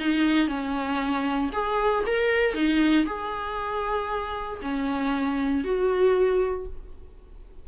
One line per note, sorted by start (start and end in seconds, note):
0.00 0.48 D#4
0.48 1.51 C#4
1.53 2.04 G#4
2.07 2.55 A#4
2.55 3.06 D#4
3.07 4.60 G#4
4.62 5.65 C#4
5.65 6.67 F#4